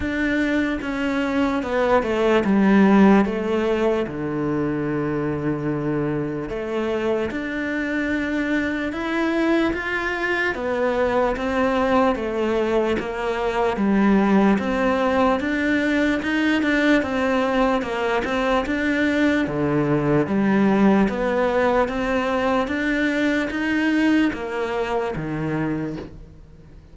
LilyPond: \new Staff \with { instrumentName = "cello" } { \time 4/4 \tempo 4 = 74 d'4 cis'4 b8 a8 g4 | a4 d2. | a4 d'2 e'4 | f'4 b4 c'4 a4 |
ais4 g4 c'4 d'4 | dis'8 d'8 c'4 ais8 c'8 d'4 | d4 g4 b4 c'4 | d'4 dis'4 ais4 dis4 | }